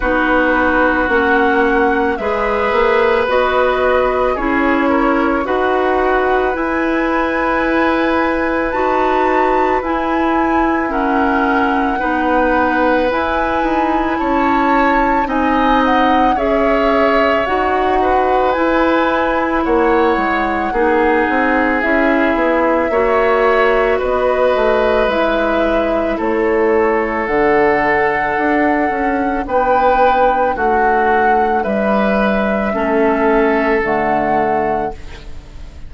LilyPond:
<<
  \new Staff \with { instrumentName = "flute" } { \time 4/4 \tempo 4 = 55 b'4 fis''4 e''4 dis''4 | cis''4 fis''4 gis''2 | a''4 gis''4 fis''2 | gis''4 a''4 gis''8 fis''8 e''4 |
fis''4 gis''4 fis''2 | e''2 dis''4 e''4 | cis''4 fis''2 g''4 | fis''4 e''2 fis''4 | }
  \new Staff \with { instrumentName = "oboe" } { \time 4/4 fis'2 b'2 | gis'8 ais'8 b'2.~ | b'2 ais'4 b'4~ | b'4 cis''4 dis''4 cis''4~ |
cis''8 b'4. cis''4 gis'4~ | gis'4 cis''4 b'2 | a'2. b'4 | fis'4 b'4 a'2 | }
  \new Staff \with { instrumentName = "clarinet" } { \time 4/4 dis'4 cis'4 gis'4 fis'4 | e'4 fis'4 e'2 | fis'4 e'4 cis'4 dis'4 | e'2 dis'4 gis'4 |
fis'4 e'2 dis'4 | e'4 fis'2 e'4~ | e'4 d'2.~ | d'2 cis'4 a4 | }
  \new Staff \with { instrumentName = "bassoon" } { \time 4/4 b4 ais4 gis8 ais8 b4 | cis'4 dis'4 e'2 | dis'4 e'2 b4 | e'8 dis'8 cis'4 c'4 cis'4 |
dis'4 e'4 ais8 gis8 ais8 c'8 | cis'8 b8 ais4 b8 a8 gis4 | a4 d4 d'8 cis'8 b4 | a4 g4 a4 d4 | }
>>